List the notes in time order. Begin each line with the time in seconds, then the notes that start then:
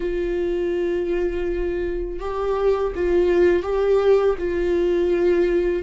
0.00 F4
2.19 G4
2.95 F4
3.63 G4
4.38 F4